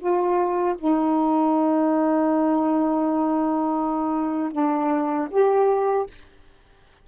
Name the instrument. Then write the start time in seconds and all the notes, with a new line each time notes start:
saxophone
0.00 F4
0.78 D#4
4.53 D4
5.31 G4